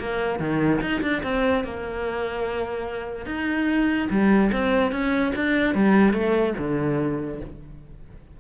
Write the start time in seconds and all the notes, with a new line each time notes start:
0.00 A#3
0.39 D#3
0.81 D#4
1.02 D4
1.23 C4
1.64 A#3
3.26 D#4
4.10 G3
4.52 C4
4.92 C#4
5.36 D4
5.75 G3
6.13 A3
6.58 D3